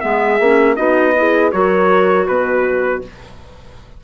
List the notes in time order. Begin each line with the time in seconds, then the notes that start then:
0.00 G#3 B3 G#4 E5
0.39 A#3 C#4
0.75 B3 D#4 F#4 D#5
1.15 E4 G#4
1.51 F#3 F#4 A#4 C#5
2.27 B2 B4